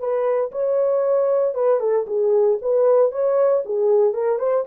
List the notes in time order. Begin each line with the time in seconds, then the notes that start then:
0.00 B4
0.52 C#5
1.55 B4
1.80 A4
2.07 G#4
2.62 B4
3.12 C#5
3.66 G#4
4.14 A#4
4.39 C5